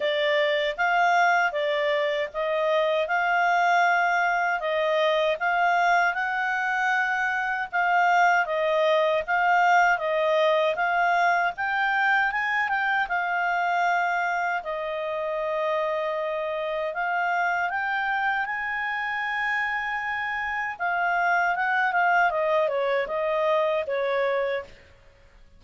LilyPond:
\new Staff \with { instrumentName = "clarinet" } { \time 4/4 \tempo 4 = 78 d''4 f''4 d''4 dis''4 | f''2 dis''4 f''4 | fis''2 f''4 dis''4 | f''4 dis''4 f''4 g''4 |
gis''8 g''8 f''2 dis''4~ | dis''2 f''4 g''4 | gis''2. f''4 | fis''8 f''8 dis''8 cis''8 dis''4 cis''4 | }